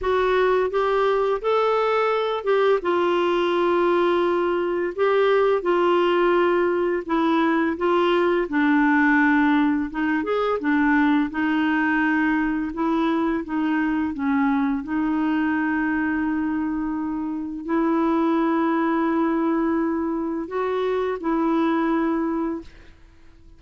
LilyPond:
\new Staff \with { instrumentName = "clarinet" } { \time 4/4 \tempo 4 = 85 fis'4 g'4 a'4. g'8 | f'2. g'4 | f'2 e'4 f'4 | d'2 dis'8 gis'8 d'4 |
dis'2 e'4 dis'4 | cis'4 dis'2.~ | dis'4 e'2.~ | e'4 fis'4 e'2 | }